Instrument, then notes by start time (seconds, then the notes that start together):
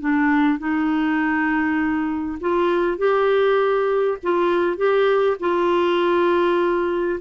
clarinet
0.00 D4
0.59 D#4
2.41 F4
2.98 G4
4.23 F4
4.77 G4
5.40 F4